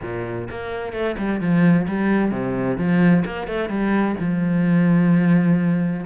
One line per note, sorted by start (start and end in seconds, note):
0.02 0.48 A#2
0.50 0.92 A#3
0.92 1.15 A3
1.18 1.40 G3
1.40 1.86 F3
1.87 2.31 G3
2.31 2.77 C3
2.77 3.24 F3
3.25 3.47 A#3
3.47 3.69 A3
3.69 4.15 G3
4.20 6.06 F3